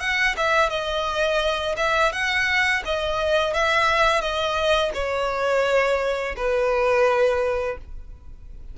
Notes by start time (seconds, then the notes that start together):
0.00 F#5
0.37 E5
0.70 D#5
1.77 E5
2.12 F#5
2.85 D#5
3.54 E5
4.21 D#5
4.94 C#5
6.36 B4